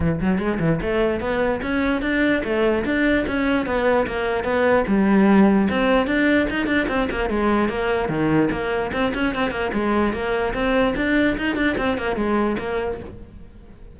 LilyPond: \new Staff \with { instrumentName = "cello" } { \time 4/4 \tempo 4 = 148 e8 fis8 gis8 e8 a4 b4 | cis'4 d'4 a4 d'4 | cis'4 b4 ais4 b4 | g2 c'4 d'4 |
dis'8 d'8 c'8 ais8 gis4 ais4 | dis4 ais4 c'8 cis'8 c'8 ais8 | gis4 ais4 c'4 d'4 | dis'8 d'8 c'8 ais8 gis4 ais4 | }